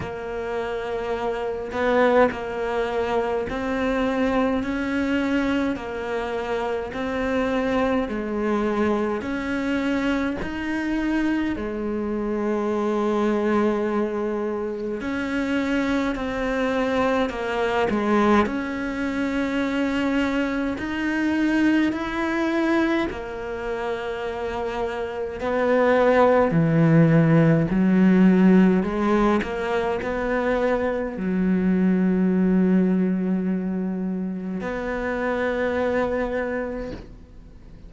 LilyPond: \new Staff \with { instrumentName = "cello" } { \time 4/4 \tempo 4 = 52 ais4. b8 ais4 c'4 | cis'4 ais4 c'4 gis4 | cis'4 dis'4 gis2~ | gis4 cis'4 c'4 ais8 gis8 |
cis'2 dis'4 e'4 | ais2 b4 e4 | fis4 gis8 ais8 b4 fis4~ | fis2 b2 | }